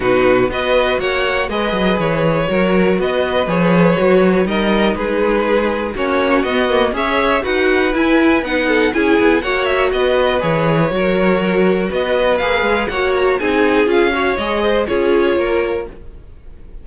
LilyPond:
<<
  \new Staff \with { instrumentName = "violin" } { \time 4/4 \tempo 4 = 121 b'4 dis''4 fis''4 dis''4 | cis''2 dis''4 cis''4~ | cis''4 dis''4 b'2 | cis''4 dis''4 e''4 fis''4 |
gis''4 fis''4 gis''4 fis''8 e''8 | dis''4 cis''2. | dis''4 f''4 fis''8 ais''8 gis''4 | f''4 dis''4 cis''2 | }
  \new Staff \with { instrumentName = "violin" } { \time 4/4 fis'4 b'4 cis''4 b'4~ | b'4 ais'4 b'2~ | b'4 ais'4 gis'2 | fis'2 cis''4 b'4~ |
b'4. a'8 gis'4 cis''4 | b'2 ais'2 | b'2 cis''4 gis'4~ | gis'8 cis''4 c''8 gis'4 ais'4 | }
  \new Staff \with { instrumentName = "viola" } { \time 4/4 dis'4 fis'2 gis'4~ | gis'4 fis'2 gis'4 | fis'4 dis'2. | cis'4 b8 ais8 gis'4 fis'4 |
e'4 dis'4 e'4 fis'4~ | fis'4 gis'4 fis'2~ | fis'4 gis'4 fis'4 dis'4 | f'8 fis'8 gis'4 f'2 | }
  \new Staff \with { instrumentName = "cello" } { \time 4/4 b,4 b4 ais4 gis8 fis8 | e4 fis4 b4 f4 | fis4 g4 gis2 | ais4 b4 cis'4 dis'4 |
e'4 b4 cis'8 b8 ais4 | b4 e4 fis2 | b4 ais8 gis8 ais4 c'4 | cis'4 gis4 cis'4 ais4 | }
>>